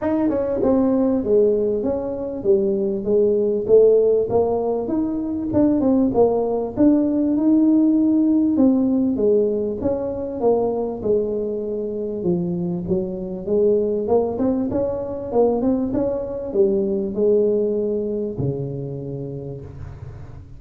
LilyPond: \new Staff \with { instrumentName = "tuba" } { \time 4/4 \tempo 4 = 98 dis'8 cis'8 c'4 gis4 cis'4 | g4 gis4 a4 ais4 | dis'4 d'8 c'8 ais4 d'4 | dis'2 c'4 gis4 |
cis'4 ais4 gis2 | f4 fis4 gis4 ais8 c'8 | cis'4 ais8 c'8 cis'4 g4 | gis2 cis2 | }